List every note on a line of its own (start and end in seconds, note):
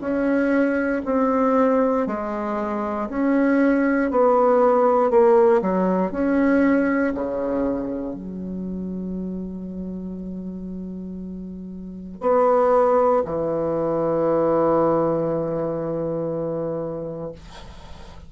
0.00 1.02 C#4
1.05 2.07 C4
2.07 3.08 G#3
3.09 4.10 C#4
4.10 5.10 B3
5.10 5.61 A#3
5.61 6.12 F#3
6.12 7.13 C#4
7.14 8.14 C#3
8.14 12.20 F#3
12.20 13.22 B3
13.25 17.32 E3